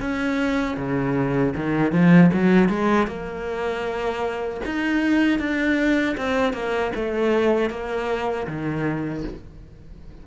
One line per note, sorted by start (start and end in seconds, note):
0.00 0.77 C#4
0.77 1.53 C#3
1.56 1.92 D#3
1.92 2.30 F3
2.33 2.69 F#3
2.69 3.07 G#3
3.07 4.61 A#3
4.65 5.39 D#4
5.39 6.16 D4
6.17 6.53 C4
6.53 6.91 A#3
6.95 7.70 A3
7.70 8.47 A#3
8.47 9.24 D#3